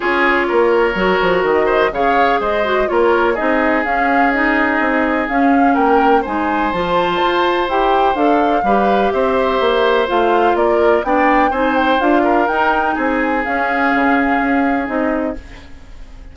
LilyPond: <<
  \new Staff \with { instrumentName = "flute" } { \time 4/4 \tempo 4 = 125 cis''2. dis''4 | f''4 dis''4 cis''4 dis''4 | f''4 dis''2 f''4 | g''4 gis''4 a''2 |
g''4 f''2 e''4~ | e''4 f''4 d''4 g''4 | gis''8 g''8 f''4 g''4 gis''4 | f''2. dis''4 | }
  \new Staff \with { instrumentName = "oboe" } { \time 4/4 gis'4 ais'2~ ais'8 c''8 | cis''4 c''4 ais'4 gis'4~ | gis'1 | ais'4 c''2.~ |
c''2 b'4 c''4~ | c''2 ais'4 d''4 | c''4. ais'4. gis'4~ | gis'1 | }
  \new Staff \with { instrumentName = "clarinet" } { \time 4/4 f'2 fis'2 | gis'4. fis'8 f'4 dis'4 | cis'4 dis'2 cis'4~ | cis'4 dis'4 f'2 |
g'4 a'4 g'2~ | g'4 f'2 d'4 | dis'4 f'4 dis'2 | cis'2. dis'4 | }
  \new Staff \with { instrumentName = "bassoon" } { \time 4/4 cis'4 ais4 fis8 f8 dis4 | cis4 gis4 ais4 c'4 | cis'2 c'4 cis'4 | ais4 gis4 f4 f'4 |
e'4 d'4 g4 c'4 | ais4 a4 ais4 b4 | c'4 d'4 dis'4 c'4 | cis'4 cis4 cis'4 c'4 | }
>>